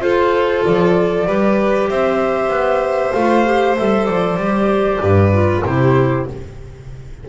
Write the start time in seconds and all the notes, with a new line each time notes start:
0.00 F4 A4 C5
0.65 F3 D5
1.27 G3 G4 B4
1.89 C4 C5 E5
2.49 B3
3.13 A3 F4 F5
3.45 G4
3.77 G3 A4 E5
4.05 F3 D5
4.37 G3 G4
5.01 G2 B4
5.33 F4
5.64 C3 E4 G4 C5